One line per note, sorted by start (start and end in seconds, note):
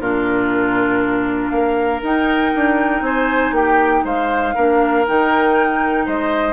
0.00 1.51 A#2
0.00 2.03 D4
0.00 1.52 F4
0.00 1.50 A#4
1.50 2.02 A#3
1.50 3.05 A#4
1.50 2.00 F5
2.03 4.55 D#4
2.03 2.54 D#4
2.03 3.04 G5
2.55 3.01 D4
3.01 3.52 C4
3.01 3.55 C5
3.01 3.54 G#5
3.52 4.02 A#3
3.52 4.05 G4
3.52 4.05 G5
4.05 4.55 G#3
4.05 4.55 C5
4.05 5.07 F5
4.55 5.07 A#3
4.55 5.06 D4
4.55 6.06 A#4
5.07 6.07 D#3
5.07 6.53 D#4
5.07 6.08 G5
6.06 6.53 G#3
6.06 6.53 C5
6.06 6.53 D#5